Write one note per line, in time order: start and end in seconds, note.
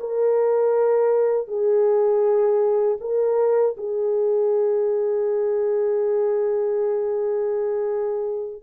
0.00 1.47 A#4
1.47 2.97 G#4
3.00 3.75 A#4
3.77 8.62 G#4